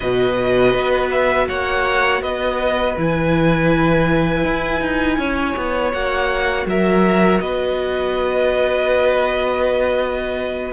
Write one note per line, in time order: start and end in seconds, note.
0.00 0.74 B2
0.00 2.96 F#4
0.00 1.47 B4
0.00 1.09 D#5
0.74 1.48 B3
1.11 1.48 E5
1.48 2.22 A#3
1.48 2.21 C#5
1.48 2.22 F#5
2.21 2.96 B3
2.21 5.18 B4
2.21 2.96 D#5
2.96 4.44 E3
2.96 5.92 E4
2.96 5.92 G#5
4.44 4.81 E4
4.81 5.17 D#4
5.17 5.54 C#4
5.17 6.66 C#5
5.56 5.93 B3
5.92 6.66 A#3
5.92 10.72 F#4
5.92 6.66 F#5
6.66 7.40 F#3
6.66 7.42 A#4
6.66 7.40 E5
7.40 10.72 B3
7.40 10.72 B4
7.40 10.72 D#5